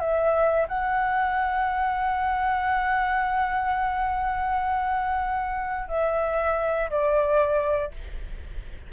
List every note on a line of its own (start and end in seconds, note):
0.00 0.67 E5
0.68 5.89 F#5
5.89 6.90 E5
6.91 7.92 D5